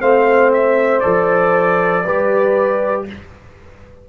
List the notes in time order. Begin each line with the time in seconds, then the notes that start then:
0.00 A3 C4 C5 F5
0.53 E5
1.00 F3 A4 D5
2.05 G3 G4 B4